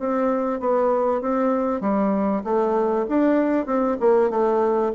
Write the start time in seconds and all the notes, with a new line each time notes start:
0.00 C4
0.60 B3
1.21 C4
1.81 G3
2.44 A3
3.09 D4
3.66 C4
4.00 A#3
4.30 A3